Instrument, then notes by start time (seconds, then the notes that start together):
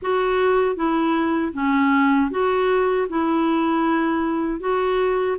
clarinet
0.02 F#4
0.76 E4
1.53 C#4
2.30 F#4
3.09 E4
4.60 F#4